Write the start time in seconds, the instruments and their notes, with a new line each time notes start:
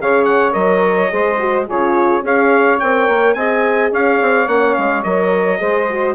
0.00 bassoon C#3, horn G#4, saxophone C#5, trumpet F5
0.24 trumpet F#5
0.52 bassoon F#3, horn A#4, trumpet D#5
1.09 bassoon G#3, horn G#4, saxophone C5
1.39 horn F#4
1.66 bassoon C#3, horn F4, saxophone G#4, trumpet C#5
2.22 bassoon C#4, horn G#4, saxophone C#5, trumpet F5
2.79 bassoon C4, horn A#4, trumpet G5
3.08 bassoon A#3
3.34 bassoon C4, horn G#4, saxophone D#5, trumpet G#5
3.91 bassoon C#4, saxophone C#5, trumpet F5
4.21 bassoon C4
4.47 bassoon A#3, horn C#4, trumpet F#5
4.74 bassoon G#3, trumpet F5
5.03 bassoon F#3, horn A#4, trumpet D#5
5.58 bassoon G#3, horn G#4, saxophone C5
5.89 horn F#4